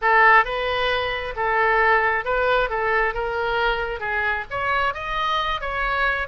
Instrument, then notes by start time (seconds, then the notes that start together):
oboe
0.01 A4
0.45 B4
1.36 A4
2.24 B4
2.69 A4
3.14 A#4
4.00 G#4
4.50 C#5
4.94 D#5
5.60 C#5